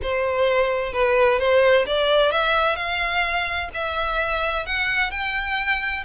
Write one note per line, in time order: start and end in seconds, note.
0.02 0.92 C5
0.92 1.39 B4
1.39 1.85 C5
1.86 2.31 D5
2.31 2.76 E5
2.76 3.69 F5
3.74 4.66 E5
4.66 5.10 F#5
5.10 6.03 G5